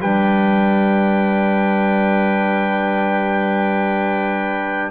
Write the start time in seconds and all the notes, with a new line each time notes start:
0.00 G3 D4 B4 G5